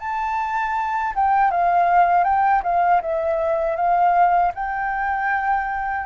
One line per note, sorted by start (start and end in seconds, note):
0.00 1.14 A5
1.16 1.51 G5
1.51 2.24 F5
2.24 2.62 G5
2.64 3.02 F5
3.02 3.77 E5
3.77 4.53 F5
4.55 6.07 G5